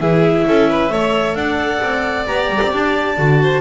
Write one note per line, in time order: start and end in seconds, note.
0.00 0.45 E3
0.00 0.90 E4
0.00 0.46 G#4
0.00 1.35 E5
0.47 0.90 C#4
0.47 0.70 A4
0.70 0.92 B4
0.90 1.35 A3
0.90 2.27 A4
0.90 1.37 C#5
1.35 1.80 D4
1.35 3.41 D5
1.35 2.25 F#5
1.82 2.28 C4
2.27 2.49 B3
2.27 3.17 G4
2.27 2.72 A#5
2.49 2.60 G3
2.62 2.73 C4
2.73 3.18 D4
2.73 3.61 A5
3.18 3.61 D3
3.18 3.61 F#4
3.43 3.61 C5